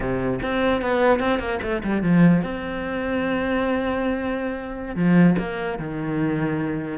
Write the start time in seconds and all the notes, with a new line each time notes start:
0.00 C3
0.42 C4
0.81 B3
1.19 C4
1.39 A#3
1.62 A3
1.83 G3
2.02 F3
2.43 C4
4.95 F3
5.38 A#3
5.78 D#3